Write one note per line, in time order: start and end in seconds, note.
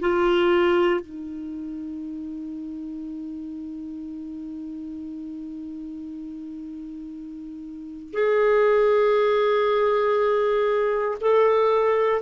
0.00 1.00 F4
1.00 8.12 D#4
8.13 11.18 G#4
11.20 12.21 A4